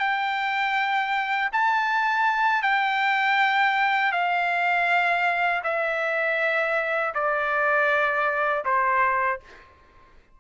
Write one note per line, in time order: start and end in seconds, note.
0.00 1.50 G5
1.53 2.63 A5
2.63 4.12 G5
4.12 5.62 F5
5.64 7.14 E5
7.15 8.65 D5
8.66 9.41 C5